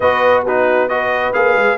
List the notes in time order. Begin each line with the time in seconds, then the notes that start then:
0.00 B3 F#4 B4 D#5
0.44 D#4 F#4 B4
0.88 F#4 B4 D#5
1.33 A#3 G#4 F5
1.55 G#3